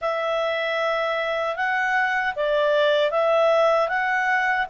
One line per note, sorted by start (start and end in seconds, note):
0.01 1.56 E5
1.56 2.34 F#5
2.35 3.10 D5
3.10 3.88 E5
3.88 4.66 F#5